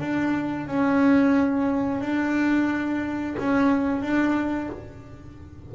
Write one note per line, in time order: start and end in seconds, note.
0.00 0.67 D4
0.67 2.01 C#4
2.01 3.36 D4
3.39 4.02 C#4
4.02 4.70 D4